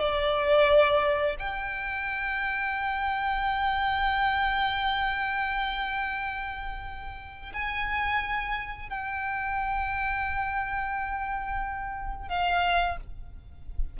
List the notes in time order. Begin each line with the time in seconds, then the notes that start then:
0.00 D5
1.39 G5
7.53 G#5
8.89 G5
12.29 F5